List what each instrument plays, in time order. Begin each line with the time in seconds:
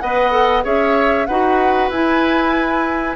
0.00 bassoon B3, clarinet B4, oboe D#5, flute F#5
0.31 clarinet A4
0.63 bassoon C#4, clarinet G#4, oboe C#5, flute E5
1.26 bassoon D#4, clarinet F#4, oboe B4, flute F#5
1.90 bassoon E4, clarinet E4, flute G#5